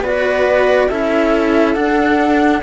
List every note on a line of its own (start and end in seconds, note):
0.00 0.87 B3
0.00 0.90 F#4
0.00 0.88 B4
0.00 0.89 D5
0.88 1.76 C#4
0.88 1.75 E4
0.88 2.62 A4
0.88 1.74 E5
1.74 2.62 D4
1.74 2.61 F#5